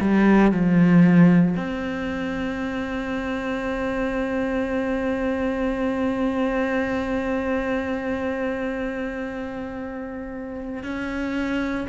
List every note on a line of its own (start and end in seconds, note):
0.00 0.52 G3
0.52 1.55 F3
1.57 10.83 C4
10.83 11.87 C#4